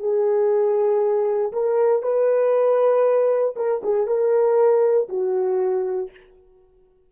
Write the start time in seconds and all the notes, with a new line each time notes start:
0.00 G#4
1.53 A#4
2.03 B4
3.57 A#4
3.84 G#4
4.07 A#4
5.09 F#4